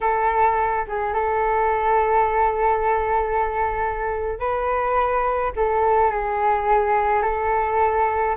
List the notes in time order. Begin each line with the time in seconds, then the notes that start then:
0.01 A4
0.87 G#4
1.13 A4
4.39 B4
5.55 A4
6.11 G#4
7.22 A4